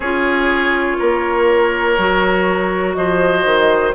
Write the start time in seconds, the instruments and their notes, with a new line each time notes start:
0.00 bassoon C#4, clarinet F4, oboe G#4, flute C#5
0.99 bassoon A#3, oboe A#4
1.98 bassoon F#3, clarinet F#4
2.93 bassoon F3, oboe C5, flute D#5
3.44 bassoon D#3